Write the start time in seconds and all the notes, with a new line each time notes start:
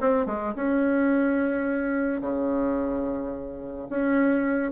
0.00 C4
0.26 G#3
0.55 C#4
2.21 C#3
3.89 C#4